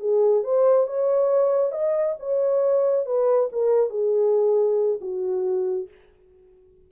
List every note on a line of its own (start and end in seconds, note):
0.00 0.44 G#4
0.44 0.87 C5
0.87 1.72 C#5
1.72 2.16 D#5
2.20 3.06 C#5
3.06 3.50 B4
3.53 3.90 A#4
3.90 5.00 G#4
5.01 5.89 F#4